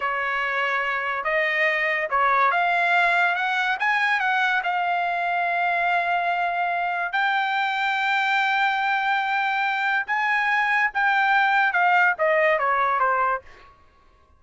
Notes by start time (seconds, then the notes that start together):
0.00 C#5
1.24 D#5
2.10 C#5
2.51 F5
3.35 F#5
3.79 G#5
4.20 F#5
4.63 F5
7.12 G5
10.06 G#5
10.94 G5
11.72 F5
12.18 D#5
12.58 C#5
12.99 C5